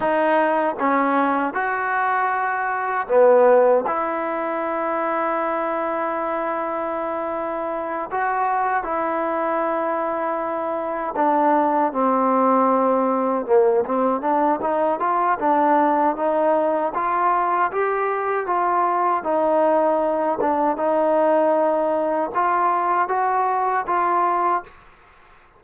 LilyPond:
\new Staff \with { instrumentName = "trombone" } { \time 4/4 \tempo 4 = 78 dis'4 cis'4 fis'2 | b4 e'2.~ | e'2~ e'8 fis'4 e'8~ | e'2~ e'8 d'4 c'8~ |
c'4. ais8 c'8 d'8 dis'8 f'8 | d'4 dis'4 f'4 g'4 | f'4 dis'4. d'8 dis'4~ | dis'4 f'4 fis'4 f'4 | }